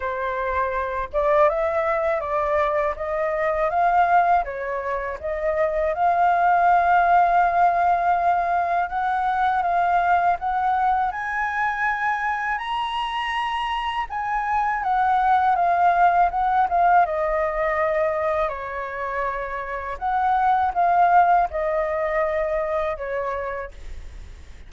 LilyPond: \new Staff \with { instrumentName = "flute" } { \time 4/4 \tempo 4 = 81 c''4. d''8 e''4 d''4 | dis''4 f''4 cis''4 dis''4 | f''1 | fis''4 f''4 fis''4 gis''4~ |
gis''4 ais''2 gis''4 | fis''4 f''4 fis''8 f''8 dis''4~ | dis''4 cis''2 fis''4 | f''4 dis''2 cis''4 | }